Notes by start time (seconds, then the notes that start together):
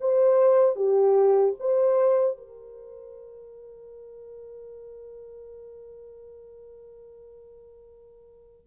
0.00 C5
0.75 G4
1.59 C5
2.37 A#4